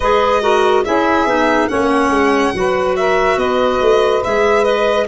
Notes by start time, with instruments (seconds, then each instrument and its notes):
0.00 tuba G#3, clarinet G#4, saxophone B4, violin D#5
0.41 clarinet F#4, saxophone A#4
0.85 tuba C#4, clarinet E4, saxophone G#4, violin E5
1.25 tuba B3, clarinet D#4
1.68 tuba A#3, clarinet C#4, saxophone C#5, violin F#5
2.09 tuba G#3
2.54 tuba F#3, clarinet F#4, saxophone B4
2.96 saxophone A#4, violin E5
3.36 tuba B3, saxophone B4, violin D#5
3.81 tuba A3
4.24 tuba G#3, clarinet G#4, violin E5
4.63 clarinet B4, violin D#5